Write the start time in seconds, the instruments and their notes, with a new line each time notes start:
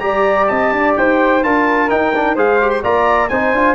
0.00 tuba G3, trombone G4, flute D5, trumpet A#5
0.48 tuba C4, flute D#5, trumpet A5
0.72 tuba D4, flute D5
0.97 tuba D#4, flute C5, trumpet G5
1.43 tuba D4, trombone F4, flute A#4, trumpet A5
1.90 trombone D#4, tuba D#4, trumpet G5
2.15 trombone D4
2.35 tuba G#3, trombone G#4, flute C5, trumpet F5
2.61 trombone G4
2.71 trumpet C6
2.83 tuba A#3, trombone F4, flute D5, trumpet A#5
3.29 tuba C4, trombone D#4, flute C5, trumpet G#5
3.52 tuba D4, trombone F4